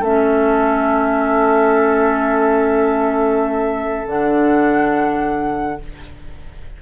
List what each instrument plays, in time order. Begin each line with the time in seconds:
0.00 bassoon A3, clarinet C#4, oboe A4, flute E5
4.07 bassoon D3, clarinet D4, flute F#5